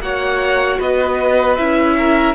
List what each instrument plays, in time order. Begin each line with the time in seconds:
0.00 cello A#3, viola F#4, violin C#5 F#5
0.78 cello B3, violin B4 D#5
1.57 cello C#4, viola E4, violin E5
1.98 violin A#4